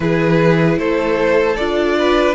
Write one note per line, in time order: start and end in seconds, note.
0.00 0.77 E3
0.00 1.55 E4
0.00 0.79 G#4
0.00 0.78 B4
0.77 1.56 A3
0.77 1.97 A4
0.77 1.56 C5
1.56 2.34 D4
1.56 2.34 F4
1.56 2.34 D5
1.98 2.34 B4